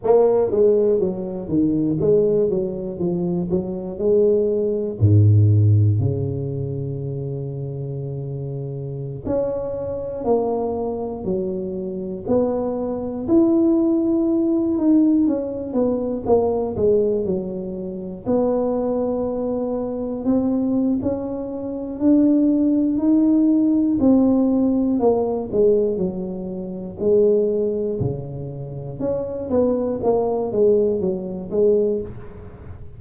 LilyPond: \new Staff \with { instrumentName = "tuba" } { \time 4/4 \tempo 4 = 60 ais8 gis8 fis8 dis8 gis8 fis8 f8 fis8 | gis4 gis,4 cis2~ | cis4~ cis16 cis'4 ais4 fis8.~ | fis16 b4 e'4. dis'8 cis'8 b16~ |
b16 ais8 gis8 fis4 b4.~ b16~ | b16 c'8. cis'4 d'4 dis'4 | c'4 ais8 gis8 fis4 gis4 | cis4 cis'8 b8 ais8 gis8 fis8 gis8 | }